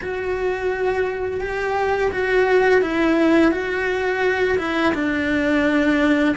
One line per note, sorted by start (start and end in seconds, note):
0.01 1.40 F#4
1.40 2.11 G4
2.11 2.81 F#4
2.81 3.51 E4
3.51 4.57 F#4
4.58 4.93 E4
4.93 6.35 D4